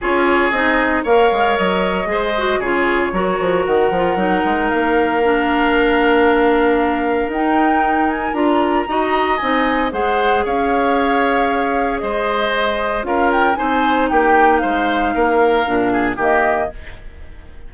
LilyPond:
<<
  \new Staff \with { instrumentName = "flute" } { \time 4/4 \tempo 4 = 115 cis''4 dis''4 f''4 dis''4~ | dis''4 cis''2 fis''4~ | fis''4 f''2.~ | f''2 g''4. gis''8 |
ais''2 gis''4 fis''4 | f''2. dis''4~ | dis''4 f''8 g''8 gis''4 g''4 | f''2. dis''4 | }
  \new Staff \with { instrumentName = "oboe" } { \time 4/4 gis'2 cis''2 | c''4 gis'4 ais'2~ | ais'1~ | ais'1~ |
ais'4 dis''2 c''4 | cis''2. c''4~ | c''4 ais'4 c''4 g'4 | c''4 ais'4. gis'8 g'4 | }
  \new Staff \with { instrumentName = "clarinet" } { \time 4/4 f'4 dis'4 ais'2 | gis'8 fis'8 f'4 fis'4. f'8 | dis'2 d'2~ | d'2 dis'2 |
f'4 fis'4 dis'4 gis'4~ | gis'1~ | gis'4 f'4 dis'2~ | dis'2 d'4 ais4 | }
  \new Staff \with { instrumentName = "bassoon" } { \time 4/4 cis'4 c'4 ais8 gis8 fis4 | gis4 cis4 fis8 f8 dis8 f8 | fis8 gis8 ais2.~ | ais2 dis'2 |
d'4 dis'4 c'4 gis4 | cis'2. gis4~ | gis4 cis'4 c'4 ais4 | gis4 ais4 ais,4 dis4 | }
>>